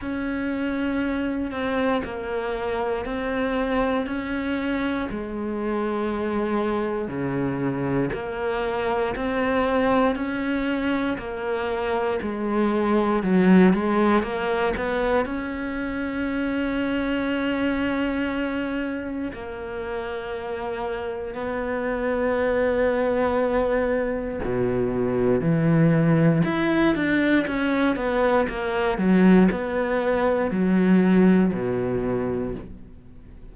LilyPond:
\new Staff \with { instrumentName = "cello" } { \time 4/4 \tempo 4 = 59 cis'4. c'8 ais4 c'4 | cis'4 gis2 cis4 | ais4 c'4 cis'4 ais4 | gis4 fis8 gis8 ais8 b8 cis'4~ |
cis'2. ais4~ | ais4 b2. | b,4 e4 e'8 d'8 cis'8 b8 | ais8 fis8 b4 fis4 b,4 | }